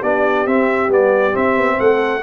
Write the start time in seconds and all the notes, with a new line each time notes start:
0.00 B3 D4 G4 D5
0.46 C4 E5
0.89 G3 B3 D5
1.32 C4 E5
1.57 B3
1.80 A3 A4 F#5